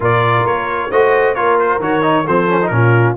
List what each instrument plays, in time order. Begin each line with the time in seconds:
0.00 tuba A#2, trombone F4, horn A#4, trumpet D5
0.45 tuba A#3, trumpet C#5
0.90 tuba A3, trombone F#4, horn C5, trumpet D#5
1.34 tuba A#3, trombone F4, horn A#4, trumpet C#5
1.59 trumpet C5
1.79 tuba D#3, trombone F#4, trumpet C#5
2.01 trombone D#4
2.25 tuba F3, trombone C4, horn A4, trumpet C5
2.49 trombone C#4
2.62 trombone D#4, trumpet A#4
2.70 tuba A#2, trombone C#4, horn F4